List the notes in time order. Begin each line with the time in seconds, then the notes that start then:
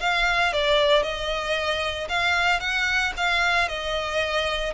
0.00 F5
0.53 D5
1.03 D#5
2.09 F5
2.60 F#5
3.17 F5
3.68 D#5